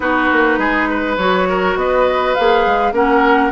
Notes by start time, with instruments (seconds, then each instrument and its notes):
0.00 bassoon B3, clarinet D#4, oboe F#4, flute B4
0.32 bassoon A#3
0.58 bassoon G#3, oboe G#4
0.90 oboe B4
1.17 bassoon F#3, clarinet F#4, flute C#5
1.49 oboe A#4
1.75 bassoon B3, oboe B4, flute D#5
2.34 bassoon A#3, clarinet G#4, flute F5
2.66 bassoon G#3
2.92 bassoon A#3, clarinet C#4, oboe A#4, flute F#5